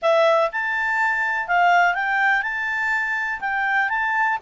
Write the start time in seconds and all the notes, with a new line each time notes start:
0.02 E5
0.51 A5
1.47 F5
1.94 G5
2.42 A5
3.40 G5
3.89 A5